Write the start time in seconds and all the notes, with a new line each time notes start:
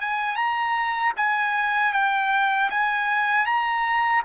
0.00 G#5
0.36 A#5
1.16 G#5
1.93 G5
2.70 G#5
3.45 A#5